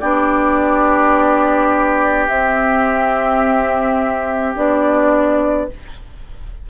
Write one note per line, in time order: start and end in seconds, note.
0.00 2.29 B3
0.00 2.28 D4
0.00 5.67 G4
0.00 2.26 D5
2.28 4.55 C4
2.28 4.56 C4
2.28 4.54 E5
4.56 5.69 B3
4.56 5.69 D4
4.56 5.69 D5